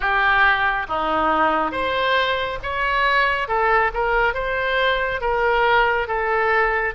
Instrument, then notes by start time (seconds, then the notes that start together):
oboe
0.00 G4
0.88 D#4
1.72 C5
2.62 C#5
3.47 A4
3.93 A#4
4.34 C5
5.20 A#4
6.07 A4